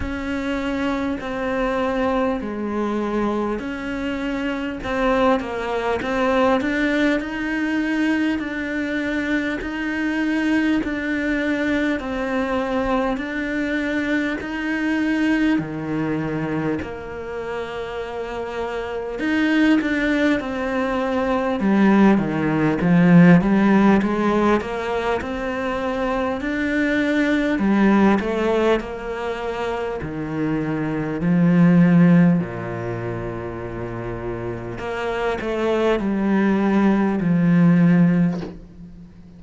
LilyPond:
\new Staff \with { instrumentName = "cello" } { \time 4/4 \tempo 4 = 50 cis'4 c'4 gis4 cis'4 | c'8 ais8 c'8 d'8 dis'4 d'4 | dis'4 d'4 c'4 d'4 | dis'4 dis4 ais2 |
dis'8 d'8 c'4 g8 dis8 f8 g8 | gis8 ais8 c'4 d'4 g8 a8 | ais4 dis4 f4 ais,4~ | ais,4 ais8 a8 g4 f4 | }